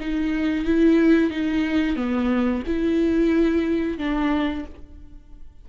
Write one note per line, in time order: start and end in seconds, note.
0.00 0.65 D#4
0.65 1.31 E4
1.31 1.96 D#4
1.96 2.63 B3
2.67 3.98 E4
3.98 4.65 D4